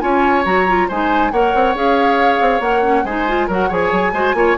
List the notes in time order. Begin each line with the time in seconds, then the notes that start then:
0.00 C#4 F4 C#5 G#5
0.45 F#3 F#4 A#5
0.68 F4
0.89 G#3 D#4 C5 G#5
1.32 A#3 A#4 C#5 F#5
1.55 C4
1.75 C#4 G#4 F5
2.41 C4
2.60 A#3 A#4 F#5
2.82 C#4
3.05 G#3 D#4 C5 G#5
3.28 F4
3.48 F#3 F#4 A#4 F#5
3.69 F3 G#4 C#5 G#5
3.92 F#3
4.13 G#3 F#4 C5
4.34 A#3 F4 C#5